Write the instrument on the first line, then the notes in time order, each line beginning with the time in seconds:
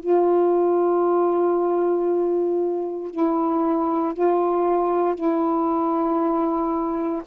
saxophone
0.00 F4
3.10 E4
4.14 F4
5.15 E4